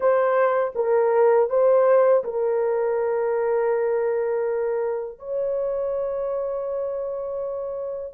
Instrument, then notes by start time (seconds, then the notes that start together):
horn
0.00 C5
0.75 A#4
1.49 C5
2.24 A#4
5.19 C#5